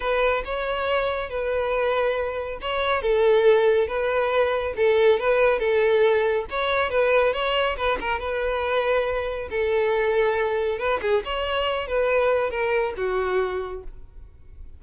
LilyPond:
\new Staff \with { instrumentName = "violin" } { \time 4/4 \tempo 4 = 139 b'4 cis''2 b'4~ | b'2 cis''4 a'4~ | a'4 b'2 a'4 | b'4 a'2 cis''4 |
b'4 cis''4 b'8 ais'8 b'4~ | b'2 a'2~ | a'4 b'8 gis'8 cis''4. b'8~ | b'4 ais'4 fis'2 | }